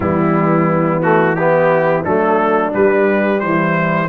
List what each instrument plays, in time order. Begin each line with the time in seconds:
0.00 tuba E3, trombone G3, horn B3, trumpet E4
1.01 trombone A3, trumpet F#4
1.35 trombone B3, horn E4, trumpet G4
2.04 tuba F#3, trombone A3, horn D4, trumpet A4
2.71 trombone G3, tuba G3, trumpet B4
3.40 tuba E3, horn E4, trumpet C5